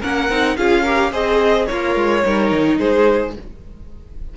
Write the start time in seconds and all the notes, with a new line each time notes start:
0.00 A#3 C#4 A#4 F#5
0.29 C4 D#4
0.56 C#4 F4 G#4 F5
0.83 G4 A#4
1.11 C4 G#4 C5 D#5
1.66 A#3 F4 A#4 C#5
1.95 G#3
2.24 G3 D#4 A#4
2.52 D#3
2.78 G#3 G#4 C5